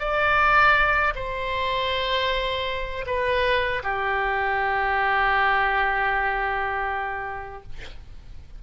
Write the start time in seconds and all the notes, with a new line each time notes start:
0.00 D5
1.16 C5
3.07 B4
3.84 G4